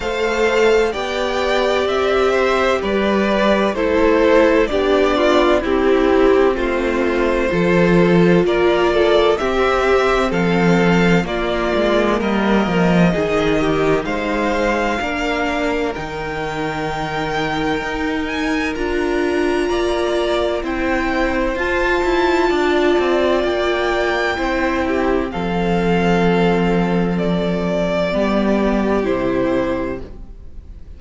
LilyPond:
<<
  \new Staff \with { instrumentName = "violin" } { \time 4/4 \tempo 4 = 64 f''4 g''4 e''4 d''4 | c''4 d''4 g'4 c''4~ | c''4 d''4 e''4 f''4 | d''4 dis''2 f''4~ |
f''4 g''2~ g''8 gis''8 | ais''2 g''4 a''4~ | a''4 g''2 f''4~ | f''4 d''2 c''4 | }
  \new Staff \with { instrumentName = "violin" } { \time 4/4 c''4 d''4. c''8 b'4 | a'4 g'8 f'8 e'4 f'4 | a'4 ais'8 a'8 g'4 a'4 | f'4 ais'4 gis'8 g'8 c''4 |
ais'1~ | ais'4 d''4 c''2 | d''2 c''8 g'8 a'4~ | a'2 g'2 | }
  \new Staff \with { instrumentName = "viola" } { \time 4/4 a'4 g'2. | e'4 d'4 c'2 | f'2 c'2 | ais2 dis'2 |
d'4 dis'2. | f'2 e'4 f'4~ | f'2 e'4 c'4~ | c'2 b4 e'4 | }
  \new Staff \with { instrumentName = "cello" } { \time 4/4 a4 b4 c'4 g4 | a4 b4 c'4 a4 | f4 ais4 c'4 f4 | ais8 gis8 g8 f8 dis4 gis4 |
ais4 dis2 dis'4 | d'4 ais4 c'4 f'8 e'8 | d'8 c'8 ais4 c'4 f4~ | f2 g4 c4 | }
>>